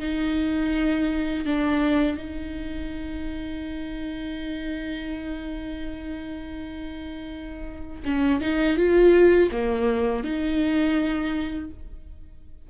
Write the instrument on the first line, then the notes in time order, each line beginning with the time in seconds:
viola
0.00 D#4
1.46 D4
2.18 D#4
8.05 C#4
8.41 D#4
8.77 F4
9.52 A#3
10.24 D#4